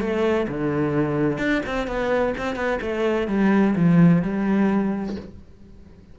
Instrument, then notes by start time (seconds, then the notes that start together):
cello
0.00 A3
0.48 D3
1.38 D4
1.66 C4
1.87 B3
2.37 C4
2.55 B3
2.82 A3
3.28 G3
3.75 F3
4.22 G3